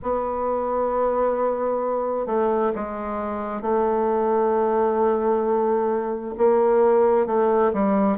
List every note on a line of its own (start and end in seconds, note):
0.02 2.26 B3
2.26 2.71 A3
2.75 3.61 G#3
3.61 6.34 A3
6.37 7.26 A#3
7.26 7.71 A3
7.73 8.17 G3